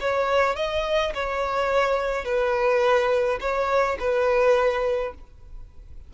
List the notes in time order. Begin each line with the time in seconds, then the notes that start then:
0.00 C#5
0.56 D#5
1.15 C#5
2.25 B4
3.40 C#5
3.99 B4